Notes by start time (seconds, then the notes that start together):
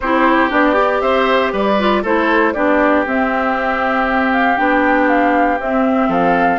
0.00 C4 E4 G4 C5
0.50 B3 D4 D5
0.73 G4
1.01 C4 C5 E5
1.52 G3 B4 D5
1.78 F4
2.02 A3 E4 A4 C5
2.53 B3 D4 G4 D5
3.06 C4 E5
4.32 F5
4.56 B3 D4 G5
5.08 F5
5.59 C4 E5
6.08 F3 A4 F5